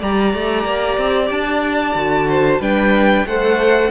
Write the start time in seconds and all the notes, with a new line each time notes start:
0.00 G3 G4 D5 A#5
0.34 A3
0.65 A#3
0.98 C4
1.31 D4 A5
1.95 D3 F#4
2.29 C5
2.60 G3 D4 B4 G5
3.26 A3 A4 C5 F#5